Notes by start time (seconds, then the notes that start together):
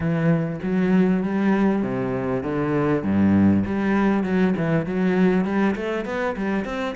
0.00 E3
0.63 F#3
1.23 G3
1.82 C3
2.43 D3
3.03 G2
3.65 G3
4.23 F#3
4.56 E3
4.86 F#3
5.44 G3
5.75 A3
6.05 B3
6.36 G3
6.64 C4